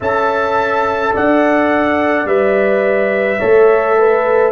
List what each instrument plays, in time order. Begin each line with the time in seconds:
0.00 tuba C#4, trombone A4, horn E5, trumpet A5
1.14 tuba D4, horn D5, trumpet F#5
2.25 tuba G3, trombone B4, trumpet E5
3.38 tuba A3, trombone A4, horn C#5
3.97 horn B4